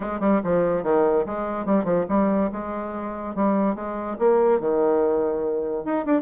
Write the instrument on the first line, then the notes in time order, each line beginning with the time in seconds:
bassoon
0.00 G#3
0.20 G3
0.43 F3
0.83 D#3
1.26 G#3
1.65 G3
1.84 F3
2.08 G3
2.52 G#3
3.35 G3
3.75 G#3
4.18 A#3
4.59 D#3
5.84 D#4
6.05 D4